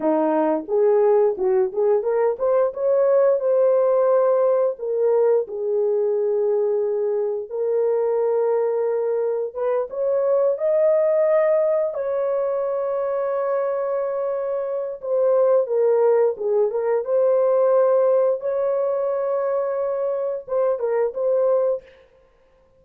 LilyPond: \new Staff \with { instrumentName = "horn" } { \time 4/4 \tempo 4 = 88 dis'4 gis'4 fis'8 gis'8 ais'8 c''8 | cis''4 c''2 ais'4 | gis'2. ais'4~ | ais'2 b'8 cis''4 dis''8~ |
dis''4. cis''2~ cis''8~ | cis''2 c''4 ais'4 | gis'8 ais'8 c''2 cis''4~ | cis''2 c''8 ais'8 c''4 | }